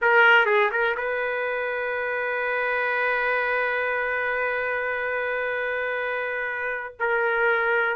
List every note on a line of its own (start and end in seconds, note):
0.01 0.45 A#4
0.45 0.70 G#4
0.71 0.95 A#4
0.96 6.94 B4
6.99 7.95 A#4